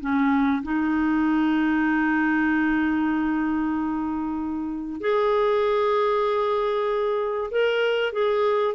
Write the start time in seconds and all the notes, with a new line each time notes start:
0.00 C#4
0.62 D#4
5.00 G#4
7.51 A#4
8.12 G#4